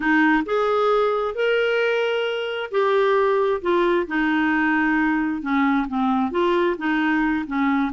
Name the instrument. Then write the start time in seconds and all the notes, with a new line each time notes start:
clarinet
0.00 D#4
0.45 G#4
1.35 A#4
2.71 G4
3.61 F4
4.07 D#4
5.41 C#4
5.87 C4
6.31 F4
6.77 D#4
7.46 C#4